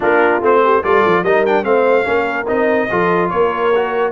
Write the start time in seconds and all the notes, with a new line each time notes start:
0.00 A#3 D4 F4 A#4
0.41 A3 C4 C5
0.63 G4
0.83 G3 F4 A4 D5
1.05 F3
1.23 G3 D#4 A#4 D#5
1.46 D4 G5
1.63 A3 C4 C5 F5
2.04 A#3 C#4 A#4
2.47 C4 D#4 D#5
2.89 F3 F4 A4
3.29 A#3 A#4 C#5
3.75 F#4